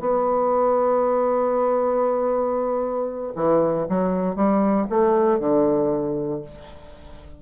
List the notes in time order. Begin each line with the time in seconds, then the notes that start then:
0.00 B3
3.36 E3
3.89 F#3
4.36 G3
4.90 A3
5.40 D3